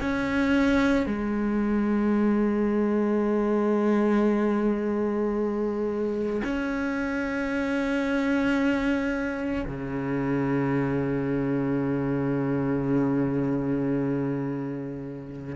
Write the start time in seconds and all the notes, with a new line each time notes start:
0.00 C#4
1.06 G#3
6.43 C#4
9.66 C#3